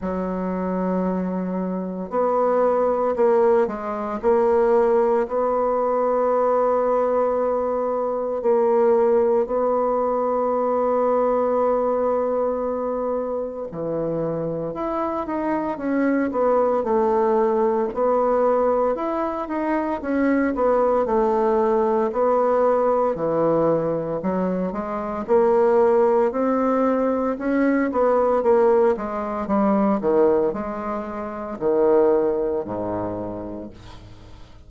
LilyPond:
\new Staff \with { instrumentName = "bassoon" } { \time 4/4 \tempo 4 = 57 fis2 b4 ais8 gis8 | ais4 b2. | ais4 b2.~ | b4 e4 e'8 dis'8 cis'8 b8 |
a4 b4 e'8 dis'8 cis'8 b8 | a4 b4 e4 fis8 gis8 | ais4 c'4 cis'8 b8 ais8 gis8 | g8 dis8 gis4 dis4 gis,4 | }